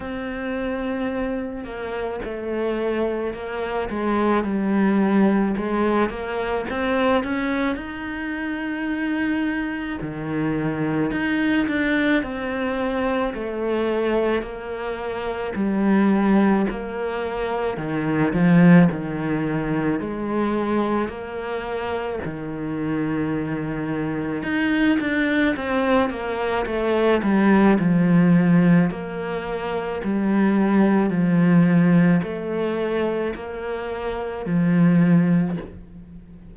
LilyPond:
\new Staff \with { instrumentName = "cello" } { \time 4/4 \tempo 4 = 54 c'4. ais8 a4 ais8 gis8 | g4 gis8 ais8 c'8 cis'8 dis'4~ | dis'4 dis4 dis'8 d'8 c'4 | a4 ais4 g4 ais4 |
dis8 f8 dis4 gis4 ais4 | dis2 dis'8 d'8 c'8 ais8 | a8 g8 f4 ais4 g4 | f4 a4 ais4 f4 | }